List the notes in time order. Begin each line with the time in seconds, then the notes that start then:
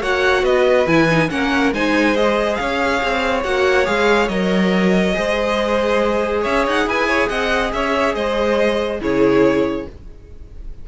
0.00 A#3 F#4 C#5 F#5
0.42 B3 B4 D#5
0.87 E3 E4 G#5
1.09 D#4
1.29 A#3 C#4 A#4 F#5
1.72 G#3 D#4 C5 G#5
2.15 G#4 D#5
2.55 C#4 C#5 F5
3.03 C4
3.43 A#3 F#4 F#5
3.85 G#3 G#4 F5
4.28 F#3 A#4 D#5
5.14 G#3 G#4 C5
6.41 C#4 C#5 E5
6.66 D#4 F#5
6.86 E4 B4 G#5
7.07 C#5
7.28 C4 D#5 F#5
7.73 C#4 C#5 E5
8.14 G#3 C5 D#5
9.00 C#3 E4 G#4 C#5